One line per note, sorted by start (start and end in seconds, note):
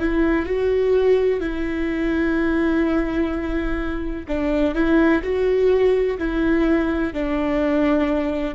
0.00 0.46 E4
0.46 1.41 F#4
1.41 4.26 E4
4.28 4.75 D4
4.75 5.23 E4
5.23 6.18 F#4
6.19 7.14 E4
7.14 8.55 D4